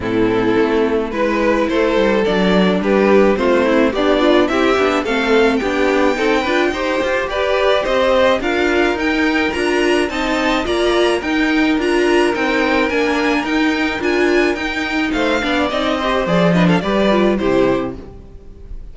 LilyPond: <<
  \new Staff \with { instrumentName = "violin" } { \time 4/4 \tempo 4 = 107 a'2 b'4 c''4 | d''4 b'4 c''4 d''4 | e''4 f''4 g''2~ | g''4 d''4 dis''4 f''4 |
g''4 ais''4 a''4 ais''4 | g''4 ais''4 g''4 gis''4 | g''4 gis''4 g''4 f''4 | dis''4 d''8 dis''16 f''16 d''4 c''4 | }
  \new Staff \with { instrumentName = "violin" } { \time 4/4 e'2 b'4 a'4~ | a'4 g'4 f'8 e'8 d'4 | g'4 a'4 g'4 a'8 b'8 | c''4 b'4 c''4 ais'4~ |
ais'2 dis''4 d''4 | ais'1~ | ais'2. c''8 d''8~ | d''8 c''4 b'16 a'16 b'4 g'4 | }
  \new Staff \with { instrumentName = "viola" } { \time 4/4 c'2 e'2 | d'2 c'4 g'8 f'8 | e'8 d'8 c'4 d'4 dis'8 f'8 | g'2. f'4 |
dis'4 f'4 dis'4 f'4 | dis'4 f'4 dis'4 d'4 | dis'4 f'4 dis'4. d'8 | dis'8 g'8 gis'8 d'8 g'8 f'8 e'4 | }
  \new Staff \with { instrumentName = "cello" } { \time 4/4 a,4 a4 gis4 a8 g8 | fis4 g4 a4 b4 | c'8 b8 a4 b4 c'8 d'8 | dis'8 f'8 g'4 c'4 d'4 |
dis'4 d'4 c'4 ais4 | dis'4 d'4 c'4 ais4 | dis'4 d'4 dis'4 a8 b8 | c'4 f4 g4 c4 | }
>>